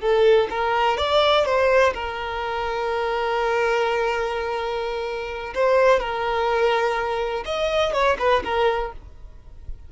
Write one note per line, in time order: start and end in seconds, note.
0.00 0.48 A4
0.50 0.97 A#4
0.97 1.45 D5
1.45 1.93 C5
1.94 5.54 A#4
5.54 5.99 C5
5.99 7.43 A#4
7.45 7.93 D#5
7.93 8.17 C#5
8.19 8.43 B4
8.44 8.92 A#4